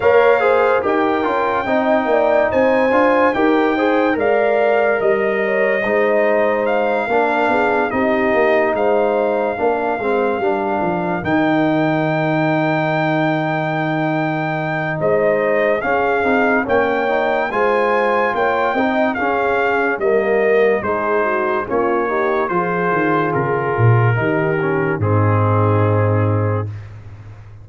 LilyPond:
<<
  \new Staff \with { instrumentName = "trumpet" } { \time 4/4 \tempo 4 = 72 f''4 g''2 gis''4 | g''4 f''4 dis''2 | f''4. dis''4 f''4.~ | f''4. g''2~ g''8~ |
g''2 dis''4 f''4 | g''4 gis''4 g''4 f''4 | dis''4 c''4 cis''4 c''4 | ais'2 gis'2 | }
  \new Staff \with { instrumentName = "horn" } { \time 4/4 cis''8 c''8 ais'4 dis''8 d''8 c''4 | ais'8 c''8 d''4 dis''8 cis''8 c''4~ | c''8 ais'8 gis'8 g'4 c''4 ais'8~ | ais'1~ |
ais'2 c''4 gis'4 | cis''4 c''4 cis''8 dis''8 gis'4 | ais'4 gis'8 fis'8 f'8 g'8 gis'4~ | gis'4 g'4 dis'2 | }
  \new Staff \with { instrumentName = "trombone" } { \time 4/4 ais'8 gis'8 g'8 f'8 dis'4. f'8 | g'8 gis'8 ais'2 dis'4~ | dis'8 d'4 dis'2 d'8 | c'8 d'4 dis'2~ dis'8~ |
dis'2. cis'8 dis'8 | cis'8 dis'8 f'4. dis'8 cis'4 | ais4 dis'4 cis'8 dis'8 f'4~ | f'4 dis'8 cis'8 c'2 | }
  \new Staff \with { instrumentName = "tuba" } { \time 4/4 ais4 dis'8 cis'8 c'8 ais8 c'8 d'8 | dis'4 gis4 g4 gis4~ | gis8 ais8 b8 c'8 ais8 gis4 ais8 | gis8 g8 f8 dis2~ dis8~ |
dis2 gis4 cis'8 c'8 | ais4 gis4 ais8 c'8 cis'4 | g4 gis4 ais4 f8 dis8 | cis8 ais,8 dis4 gis,2 | }
>>